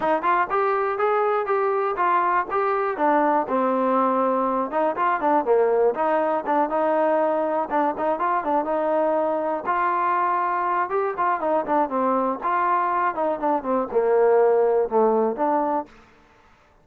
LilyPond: \new Staff \with { instrumentName = "trombone" } { \time 4/4 \tempo 4 = 121 dis'8 f'8 g'4 gis'4 g'4 | f'4 g'4 d'4 c'4~ | c'4. dis'8 f'8 d'8 ais4 | dis'4 d'8 dis'2 d'8 |
dis'8 f'8 d'8 dis'2 f'8~ | f'2 g'8 f'8 dis'8 d'8 | c'4 f'4. dis'8 d'8 c'8 | ais2 a4 d'4 | }